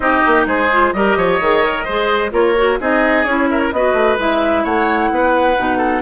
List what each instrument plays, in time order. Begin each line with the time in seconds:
0.00 bassoon C4, clarinet D#4, oboe G4, flute D#5
0.26 bassoon A#3
0.46 bassoon G#3, oboe G#4, flute C5
0.71 clarinet F4
0.92 bassoon G3, clarinet G4, oboe A#4, flute D#5
1.16 bassoon F3, oboe C#5
1.40 bassoon D#3, clarinet G#4
1.63 clarinet A#4
1.84 bassoon G#3, clarinet G#4, oboe C5
2.31 bassoon A#3, clarinet F4, oboe A#4, flute C#5
2.56 clarinet F#4
2.79 bassoon C4, clarinet D#4, oboe G#4, flute D#5
3.24 bassoon C#4, clarinet E4, flute C#5
3.50 oboe A#4, flute E5
3.59 flute C#5
3.71 bassoon B3, clarinet F#4, oboe B4, flute D#5
3.93 bassoon A3
4.17 bassoon G#3, clarinet E4, flute E5
4.63 bassoon A3, oboe C#5, flute F#5
5.10 bassoon B3, oboe B4
5.56 bassoon B2, clarinet D#4
5.77 oboe A4